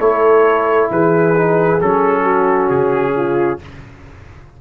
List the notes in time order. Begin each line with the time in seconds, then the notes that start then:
0.00 A3 E4 A4 C#5
0.91 E3 G#4 B4
1.35 D#4
1.80 F#3 C#4 A4
2.22 F#4
2.70 C#3 G#4
3.16 F4